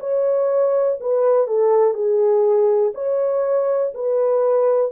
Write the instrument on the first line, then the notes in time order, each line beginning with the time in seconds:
horn
0.00 C#5
1.01 B4
1.47 A4
1.94 G#4
2.95 C#5
3.94 B4